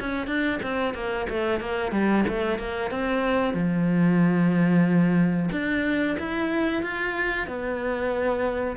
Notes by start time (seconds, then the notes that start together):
0.00 C#4
0.27 D4
0.63 C4
0.94 A#3
1.30 A3
1.60 A#3
1.92 G3
2.28 A3
2.59 A#3
2.91 C4
3.54 F3
5.52 D4
6.19 E4
6.83 F4
7.47 B3